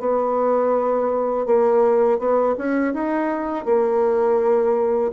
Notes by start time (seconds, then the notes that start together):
0.00 B3
1.46 A#3
2.19 B3
2.58 C#4
2.94 D#4
3.66 A#3